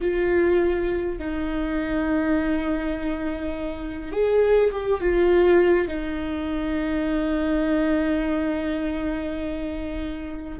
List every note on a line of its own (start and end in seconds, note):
0.00 1.18 F4
1.18 4.12 D#4
4.12 4.71 G#4
4.71 5.00 G4
5.01 5.87 F4
5.87 10.58 D#4